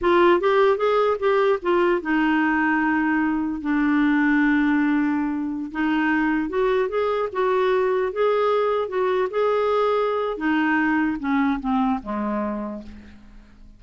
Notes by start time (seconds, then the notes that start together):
0.01 F4
0.40 G4
0.77 G#4
1.19 G4
1.61 F4
2.01 D#4
3.61 D4
5.71 D#4
6.49 F#4
6.88 G#4
7.32 F#4
8.12 G#4
8.88 F#4
9.30 G#4
10.37 D#4
11.19 C#4
11.59 C4
12.03 G#3